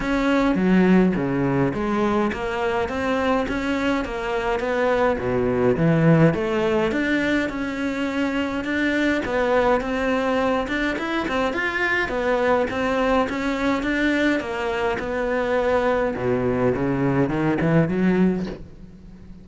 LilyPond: \new Staff \with { instrumentName = "cello" } { \time 4/4 \tempo 4 = 104 cis'4 fis4 cis4 gis4 | ais4 c'4 cis'4 ais4 | b4 b,4 e4 a4 | d'4 cis'2 d'4 |
b4 c'4. d'8 e'8 c'8 | f'4 b4 c'4 cis'4 | d'4 ais4 b2 | b,4 cis4 dis8 e8 fis4 | }